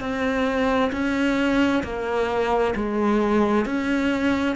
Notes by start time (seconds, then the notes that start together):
0.00 C4
0.92 C#4
1.83 A#3
2.75 G#3
3.66 C#4